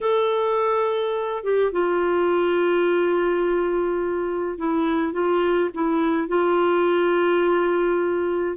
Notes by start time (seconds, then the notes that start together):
0.00 A4
1.43 G4
1.72 F4
4.58 E4
5.12 F4
5.74 E4
6.28 F4